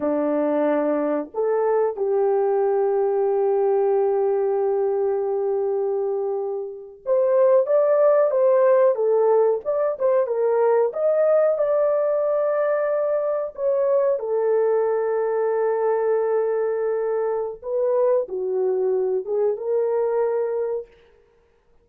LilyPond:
\new Staff \with { instrumentName = "horn" } { \time 4/4 \tempo 4 = 92 d'2 a'4 g'4~ | g'1~ | g'2~ g'8. c''4 d''16~ | d''8. c''4 a'4 d''8 c''8 ais'16~ |
ais'8. dis''4 d''2~ d''16~ | d''8. cis''4 a'2~ a'16~ | a'2. b'4 | fis'4. gis'8 ais'2 | }